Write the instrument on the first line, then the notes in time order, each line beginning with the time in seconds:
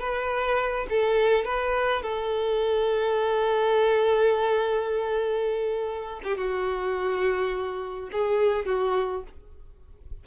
violin
0.00 B4
0.90 A4
1.45 B4
2.03 A4
6.24 G4
6.37 F#4
8.12 G#4
8.66 F#4